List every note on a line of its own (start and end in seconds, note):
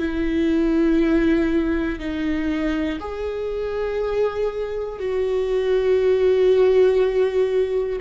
0.00 2.00 E4
2.00 3.00 D#4
3.00 5.00 G#4
5.00 8.00 F#4